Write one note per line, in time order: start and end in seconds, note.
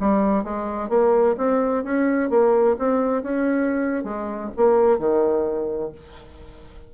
0.00 0.44 G3
0.44 0.89 G#3
0.89 1.36 A#3
1.37 1.84 C4
1.84 2.30 C#4
2.30 2.76 A#3
2.79 3.23 C4
3.23 4.04 C#4
4.04 4.50 G#3
4.56 4.99 A#3
4.99 5.92 D#3